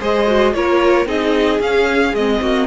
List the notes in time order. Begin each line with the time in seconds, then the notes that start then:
0.00 G#3 G#4 C5 D#5
0.27 F#4
0.54 A#3 F4 A#4 C#5
1.06 C4 D#4 G#4 D#5
1.59 C#4 F5
2.14 G#3 C4 D#5
2.41 A#3 F#4